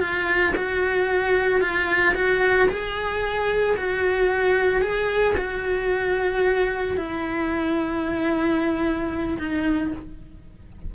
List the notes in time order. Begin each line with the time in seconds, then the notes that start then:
0.00 F4
0.56 F#4
1.61 F4
2.15 F#4
2.69 G#4
3.77 F#4
4.81 G#4
5.38 F#4
6.97 E4
9.38 D#4